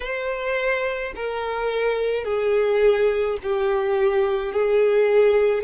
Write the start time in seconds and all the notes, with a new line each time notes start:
0.00 C5
1.15 A#4
2.24 G#4
3.42 G4
4.53 G#4